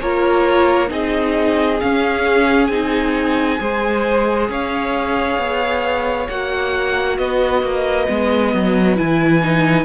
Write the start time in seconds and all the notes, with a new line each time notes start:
0.00 A#3 F4 A#4 C#5
0.88 C4 D#4 G#4 D#5
1.80 C#4 F5
2.67 C4 D#4 G#5
3.59 G#3 G#4 C5
4.49 C#4 C#5 F5
5.38 B3
6.29 A#3 F#4 F#5
7.18 B3 B4 D#5
7.63 A#3
8.07 G#3 B3
8.54 F#3
8.96 E3 E4 G#5
9.43 D#4